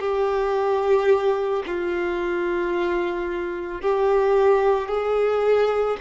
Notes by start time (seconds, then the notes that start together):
0.00 G4
1.67 F4
3.82 G4
4.88 G#4